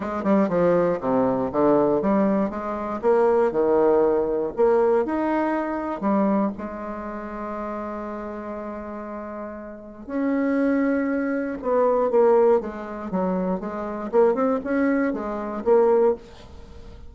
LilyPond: \new Staff \with { instrumentName = "bassoon" } { \time 4/4 \tempo 4 = 119 gis8 g8 f4 c4 d4 | g4 gis4 ais4 dis4~ | dis4 ais4 dis'2 | g4 gis2.~ |
gis1 | cis'2. b4 | ais4 gis4 fis4 gis4 | ais8 c'8 cis'4 gis4 ais4 | }